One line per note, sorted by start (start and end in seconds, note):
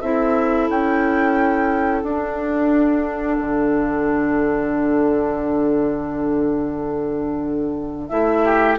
0.00 0.69 C4
0.00 2.05 E4
0.00 8.43 A4
0.00 0.68 E5
0.69 2.03 C#4
0.69 2.02 G5
2.02 3.38 D4
2.02 8.10 D4
2.02 8.08 F#5
3.38 8.10 D3
8.08 8.78 A3
8.08 8.77 E4
8.08 8.76 E5
8.44 8.78 G4